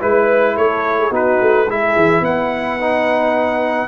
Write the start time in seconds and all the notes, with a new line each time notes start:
0.00 G#3 E4 B4
0.57 A3 A4 C#5
0.99 G#4
1.11 B3 D#4 F#4 B4
1.42 A3
1.68 G#3 E4 G#4 E5
1.97 E3
2.21 B3 B4 F#5
2.81 D#4